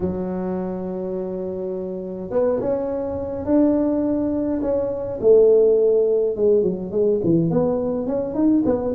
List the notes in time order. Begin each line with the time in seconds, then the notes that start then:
0.00 F#3
2.30 B3
2.60 C#4
3.45 D4
4.61 C#4
5.21 A3
6.36 G#3
6.62 F#3
6.91 G#3
7.24 E3
7.50 B3
8.06 C#4
8.34 D#4
8.65 B3